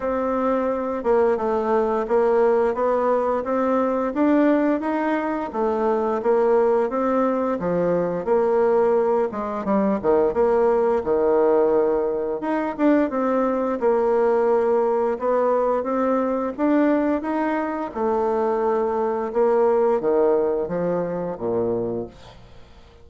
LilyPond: \new Staff \with { instrumentName = "bassoon" } { \time 4/4 \tempo 4 = 87 c'4. ais8 a4 ais4 | b4 c'4 d'4 dis'4 | a4 ais4 c'4 f4 | ais4. gis8 g8 dis8 ais4 |
dis2 dis'8 d'8 c'4 | ais2 b4 c'4 | d'4 dis'4 a2 | ais4 dis4 f4 ais,4 | }